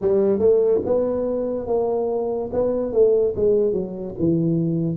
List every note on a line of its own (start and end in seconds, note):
0.01 0.39 G3
0.39 0.81 A3
0.85 1.67 B3
1.67 2.50 A#3
2.52 2.92 B3
2.92 3.33 A3
3.35 3.73 G#3
3.73 4.14 F#3
4.19 4.96 E3